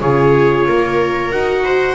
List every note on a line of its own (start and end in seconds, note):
0.00 0.67 C#3
0.00 1.32 F4
0.00 0.66 G#4
0.00 1.31 C#5
0.67 1.31 A#3
0.67 1.64 A#4
1.31 1.95 D#4
1.31 1.95 F#4
1.31 1.95 F#5
1.64 1.95 C5